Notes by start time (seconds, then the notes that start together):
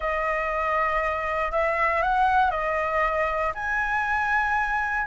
0.00 D#5
1.51 E5
2.02 F#5
2.51 D#5
3.54 G#5